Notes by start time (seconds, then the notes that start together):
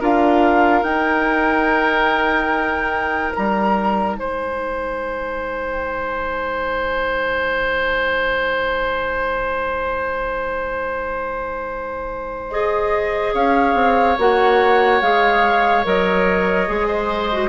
0.00 D4 F4 A#4 F5
0.83 D#4 G5
3.35 G3 A#5
4.18 G#3 C5 G#5
12.50 G#4 D#5
13.34 C#4 C#5 F5
13.74 C4
14.18 A#3 F#4 F#5
15.01 G#3 G#4 F5
15.84 F#3 A#4 D#5
16.67 G#3 G#4
16.87 C5
17.33 F#4